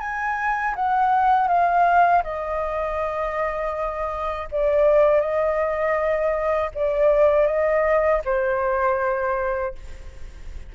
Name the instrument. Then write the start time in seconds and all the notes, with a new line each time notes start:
flute
0.00 G#5
0.76 F#5
1.48 F5
2.24 D#5
4.52 D5
5.21 D#5
6.75 D5
7.47 D#5
8.25 C5